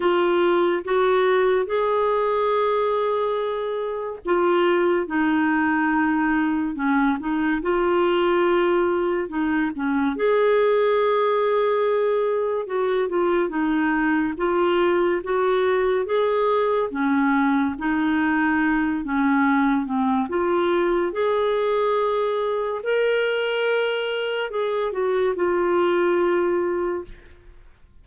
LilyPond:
\new Staff \with { instrumentName = "clarinet" } { \time 4/4 \tempo 4 = 71 f'4 fis'4 gis'2~ | gis'4 f'4 dis'2 | cis'8 dis'8 f'2 dis'8 cis'8 | gis'2. fis'8 f'8 |
dis'4 f'4 fis'4 gis'4 | cis'4 dis'4. cis'4 c'8 | f'4 gis'2 ais'4~ | ais'4 gis'8 fis'8 f'2 | }